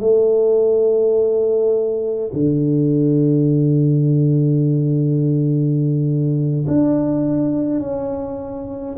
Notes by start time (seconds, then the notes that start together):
0.00 A3
2.33 D3
6.68 D4
7.81 C#4